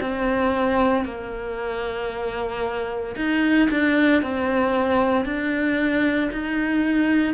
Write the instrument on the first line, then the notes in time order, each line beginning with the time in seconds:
cello
0.00 C4
1.05 A#3
3.16 D#4
3.70 D4
4.22 C4
5.25 D4
6.32 D#4